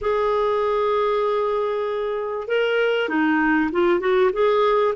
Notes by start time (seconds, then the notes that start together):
0.01 G#4
2.47 A#4
3.08 D#4
3.72 F4
4.00 F#4
4.32 G#4